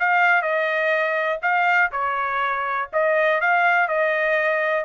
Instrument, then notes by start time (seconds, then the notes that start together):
trumpet
0.00 F5
0.43 D#5
1.43 F5
1.92 C#5
2.93 D#5
3.41 F5
3.88 D#5